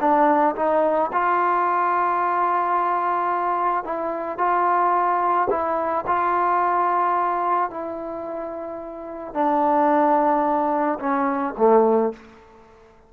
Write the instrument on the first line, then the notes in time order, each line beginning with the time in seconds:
trombone
0.00 D4
0.56 D#4
1.12 F4
3.84 E4
4.38 F4
5.50 E4
6.07 F4
7.70 E4
9.34 D4
10.99 C#4
11.57 A3